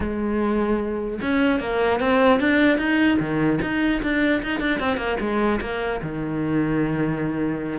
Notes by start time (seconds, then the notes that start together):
0.00 G#3
1.21 C#4
1.60 A#3
2.00 C4
2.40 D4
2.78 D#4
3.19 D#3
3.61 D#4
4.02 D4
4.42 D#4
4.60 D4
4.79 C4
4.97 A#3
5.19 G#3
5.61 A#3
6.02 D#3